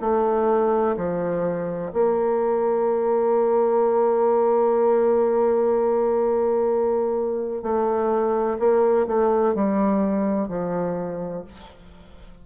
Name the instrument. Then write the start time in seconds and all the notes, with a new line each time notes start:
bassoon
0.00 A3
0.96 F3
1.93 A#3
7.62 A3
8.59 A#3
9.06 A3
9.54 G3
10.48 F3